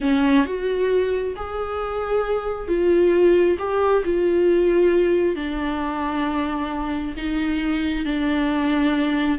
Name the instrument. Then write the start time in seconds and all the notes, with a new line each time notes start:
viola
0.00 C#4
0.45 F#4
1.36 G#4
2.67 F4
3.58 G4
4.04 F4
5.35 D4
7.16 D#4
8.05 D4